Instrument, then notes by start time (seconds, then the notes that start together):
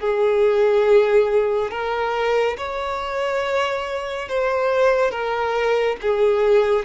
violin
0.00 G#4
1.71 A#4
2.58 C#5
4.29 C5
5.11 A#4
6.02 G#4